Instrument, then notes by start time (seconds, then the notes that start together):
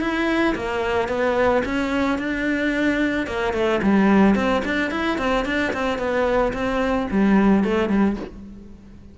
cello
0.00 E4
0.55 A#3
1.08 B3
1.65 C#4
2.18 D4
3.27 A#3
3.53 A3
3.82 G3
4.35 C4
4.64 D4
4.90 E4
5.18 C4
5.45 D4
5.73 C4
5.98 B3
6.53 C4
7.10 G3
7.63 A3
7.89 G3